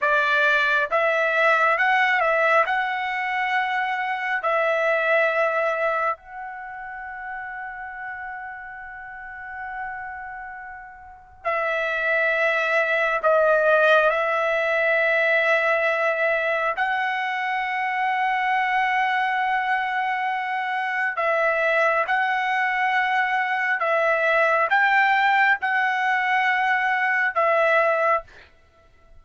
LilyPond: \new Staff \with { instrumentName = "trumpet" } { \time 4/4 \tempo 4 = 68 d''4 e''4 fis''8 e''8 fis''4~ | fis''4 e''2 fis''4~ | fis''1~ | fis''4 e''2 dis''4 |
e''2. fis''4~ | fis''1 | e''4 fis''2 e''4 | g''4 fis''2 e''4 | }